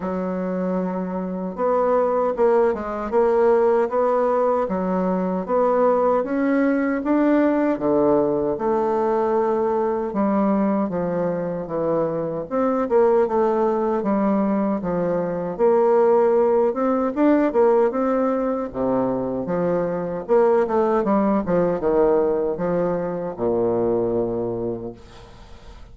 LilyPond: \new Staff \with { instrumentName = "bassoon" } { \time 4/4 \tempo 4 = 77 fis2 b4 ais8 gis8 | ais4 b4 fis4 b4 | cis'4 d'4 d4 a4~ | a4 g4 f4 e4 |
c'8 ais8 a4 g4 f4 | ais4. c'8 d'8 ais8 c'4 | c4 f4 ais8 a8 g8 f8 | dis4 f4 ais,2 | }